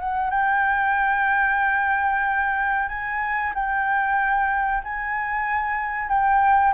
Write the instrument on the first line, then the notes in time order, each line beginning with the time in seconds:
flute
0.00 F#5
0.31 G5
2.89 G#5
3.55 G5
4.84 G#5
6.09 G5